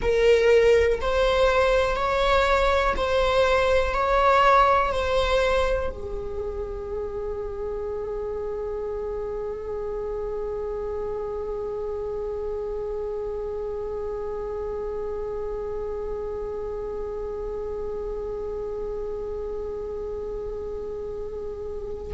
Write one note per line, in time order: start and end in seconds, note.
0.02 1.00 A#4
1.01 1.96 C5
1.96 2.94 C#5
2.96 3.94 C5
3.94 4.92 C#5
4.92 5.90 C5
5.90 22.13 G#4